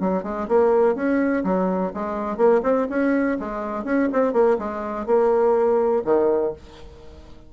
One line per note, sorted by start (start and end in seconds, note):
0.00 0.23 F#3
0.23 0.47 G#3
0.48 0.95 A#3
0.95 1.43 C#4
1.43 1.92 F#3
1.94 2.37 G#3
2.37 2.61 A#3
2.63 2.87 C4
2.89 3.37 C#4
3.39 3.84 G#3
3.84 4.08 C#4
4.12 4.33 C4
4.33 4.57 A#3
4.58 5.06 G#3
5.06 6.03 A#3
6.04 6.53 D#3